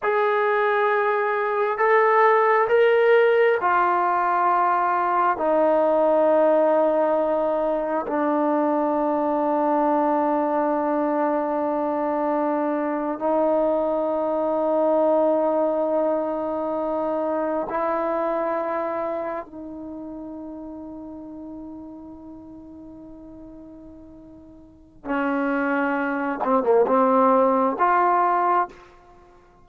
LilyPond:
\new Staff \with { instrumentName = "trombone" } { \time 4/4 \tempo 4 = 67 gis'2 a'4 ais'4 | f'2 dis'2~ | dis'4 d'2.~ | d'2~ d'8. dis'4~ dis'16~ |
dis'2.~ dis'8. e'16~ | e'4.~ e'16 dis'2~ dis'16~ | dis'1 | cis'4. c'16 ais16 c'4 f'4 | }